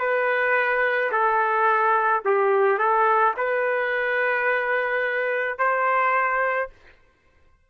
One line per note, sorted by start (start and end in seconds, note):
0.00 1.11 B4
1.12 2.23 A4
2.25 2.79 G4
2.79 3.34 A4
3.37 5.59 B4
5.59 6.70 C5